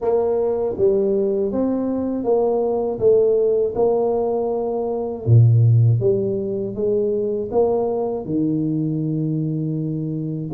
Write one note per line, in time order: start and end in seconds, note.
0.01 0.76 A#3
0.77 1.51 G3
1.51 2.23 C4
2.23 2.98 A#3
2.99 3.74 A3
3.75 5.25 A#3
5.26 6.00 A#2
6.00 6.74 G3
6.74 7.49 G#3
7.51 8.25 A#3
8.25 10.50 D#3